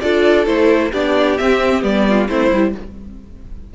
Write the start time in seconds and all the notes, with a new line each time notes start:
0.00 D4 F4 A4 D5
0.46 A3 E4 C5
0.91 B3 D4 G4 D5
1.37 C4 E5
1.81 G3 B3 D5
2.08 F4
2.28 A3 C4 E4 C5
2.51 G3 E4